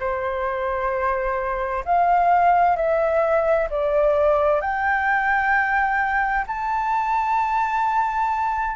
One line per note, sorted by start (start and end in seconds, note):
0.00 1.85 C5
1.85 2.76 F5
2.76 3.68 E5
3.70 4.61 D5
4.61 6.46 G5
6.47 8.77 A5